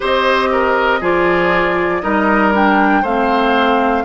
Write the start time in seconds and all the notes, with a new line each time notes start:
0.00 C4 G4 C5 D#5
0.51 A#4
1.00 F3 F4 G#4 D5
2.01 G3 D#4 A#4 D#5
2.52 D4 G5
3.02 A3 C4 C5 F5